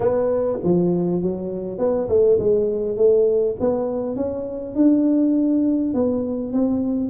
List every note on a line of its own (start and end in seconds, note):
0.00 0.59 B3
0.63 1.22 F3
1.22 1.78 F#3
1.78 2.08 B3
2.08 2.38 A3
2.39 2.96 G#3
2.96 3.56 A3
3.59 4.16 B3
4.16 4.75 C#4
4.75 5.94 D4
5.94 6.53 B3
6.53 7.10 C4